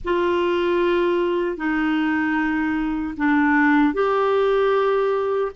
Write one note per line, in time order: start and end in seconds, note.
0.04 1.56 F4
1.56 3.14 D#4
3.17 3.93 D4
3.93 5.51 G4